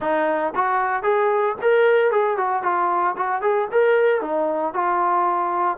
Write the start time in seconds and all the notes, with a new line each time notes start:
0.00 D#4
0.55 F#4
1.03 G#4
1.61 A#4
2.11 G#4
2.37 F#4
2.62 F4
3.17 F#4
3.41 G#4
3.71 A#4
4.21 D#4
4.73 F4